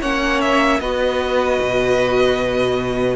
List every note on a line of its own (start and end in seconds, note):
0.00 0.80 A#3
0.00 0.81 C#4
0.00 0.79 C#5
0.00 0.41 F#5
0.41 0.80 E5
0.80 1.59 B3
0.80 3.15 F#4
0.80 3.15 B4
0.80 3.15 D#5
1.61 3.15 B2